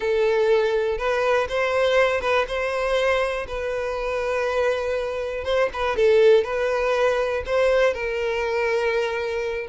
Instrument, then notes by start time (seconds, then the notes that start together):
violin
0.00 A4
0.98 B4
1.48 C5
2.20 B4
2.47 C5
3.47 B4
5.44 C5
5.73 B4
5.96 A4
6.44 B4
7.46 C5
7.93 A#4